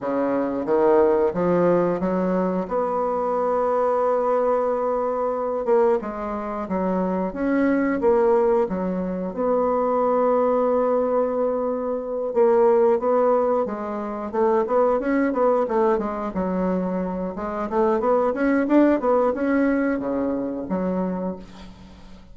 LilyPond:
\new Staff \with { instrumentName = "bassoon" } { \time 4/4 \tempo 4 = 90 cis4 dis4 f4 fis4 | b1~ | b8 ais8 gis4 fis4 cis'4 | ais4 fis4 b2~ |
b2~ b8 ais4 b8~ | b8 gis4 a8 b8 cis'8 b8 a8 | gis8 fis4. gis8 a8 b8 cis'8 | d'8 b8 cis'4 cis4 fis4 | }